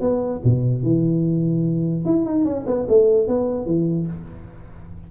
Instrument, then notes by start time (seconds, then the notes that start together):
tuba
0.00 B3
0.44 B2
0.83 E3
2.05 E4
2.25 D#4
2.44 C#4
2.66 B3
2.88 A3
3.27 B3
3.66 E3